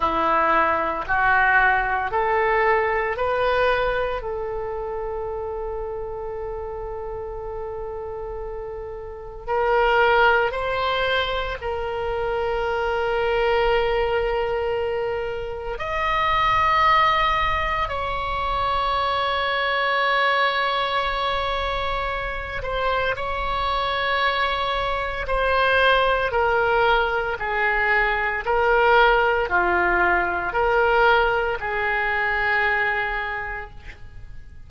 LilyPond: \new Staff \with { instrumentName = "oboe" } { \time 4/4 \tempo 4 = 57 e'4 fis'4 a'4 b'4 | a'1~ | a'4 ais'4 c''4 ais'4~ | ais'2. dis''4~ |
dis''4 cis''2.~ | cis''4. c''8 cis''2 | c''4 ais'4 gis'4 ais'4 | f'4 ais'4 gis'2 | }